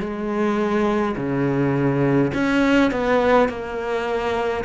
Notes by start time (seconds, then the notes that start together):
0.00 G#3
1.16 C#3
2.34 C#4
2.91 B3
3.49 A#3